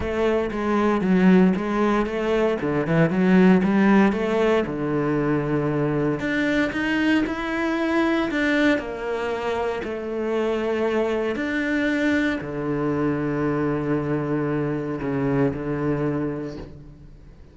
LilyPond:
\new Staff \with { instrumentName = "cello" } { \time 4/4 \tempo 4 = 116 a4 gis4 fis4 gis4 | a4 d8 e8 fis4 g4 | a4 d2. | d'4 dis'4 e'2 |
d'4 ais2 a4~ | a2 d'2 | d1~ | d4 cis4 d2 | }